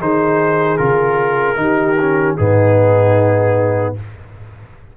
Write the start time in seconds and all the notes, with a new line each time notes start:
0.00 D#3 D#4 G#4 C5
0.77 C#3 F4 A#4
1.56 D#3 D#4 G4
2.01 C#4
2.37 G#2 B3 D#4 G#4